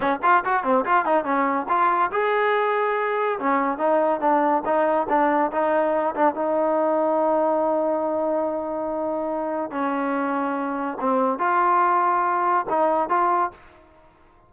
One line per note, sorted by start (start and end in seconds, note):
0.00 0.19 C#4
0.22 0.43 F4
0.44 0.63 F#4
0.63 0.84 C4
0.85 1.05 F4
1.05 1.24 D#4
1.24 1.66 C#4
1.68 2.10 F4
2.11 3.38 G#4
3.39 3.78 C#4
3.78 4.20 D#4
4.20 4.62 D4
4.65 5.07 D#4
5.09 5.51 D4
5.51 6.14 D#4
6.15 6.34 D4
6.34 9.71 D#4
9.71 10.97 C#4
11.00 11.39 C4
11.39 12.65 F4
12.69 13.09 D#4
13.09 13.51 F4